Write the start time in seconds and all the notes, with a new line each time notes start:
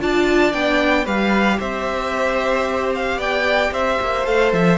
0.00 D4 F4 D5 A5
0.52 B3 D4 G5
1.05 G3 G4 B4 F5
1.59 C4 C5 E5
2.94 F5
3.16 B3 D5 G5
3.71 C4 C5 E5
4.01 A#3
4.24 A3 A4 F5
4.53 F3 E5